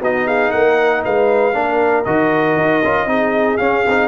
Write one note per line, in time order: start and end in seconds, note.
0.00 0.51 B3
0.00 1.53 D#4
0.00 0.26 F#4
0.00 0.27 D#5
0.26 0.50 G#4
0.26 0.51 F5
0.50 1.05 A#3
0.50 1.01 A#4
0.50 1.02 F#5
1.03 1.53 G#3
1.03 1.55 B4
1.03 2.04 F5
1.53 2.04 A#3
1.53 2.05 D4
1.53 3.09 A#4
2.04 2.56 D#3
2.04 2.83 F#4
2.04 3.57 D#5
2.56 2.82 D#4
2.83 3.06 C#4
2.83 3.07 F4
3.06 3.57 C4
3.06 3.58 D#4
3.06 4.08 G#4
3.57 3.84 C#4
3.57 3.85 C#4
3.57 4.08 F5
3.87 4.08 C4
3.87 4.08 D#4